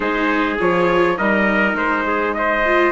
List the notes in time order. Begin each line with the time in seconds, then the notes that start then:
0.00 G#3 D#4 G#4 C5
0.59 F3 F4 C#5
1.17 G3 D#4 A#4 D#5
1.74 G#3 C5
2.06 G#4
2.34 C5 D#5
2.65 F4